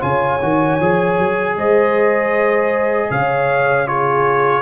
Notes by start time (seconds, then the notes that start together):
0.00 C#3 F4 C#5 G#5
0.42 D#3 F#4
0.80 F3 G#4
1.19 F#3
1.56 G#3 C5 D#5
3.10 C#3 C#5 F5
3.87 F4 G#4 C#5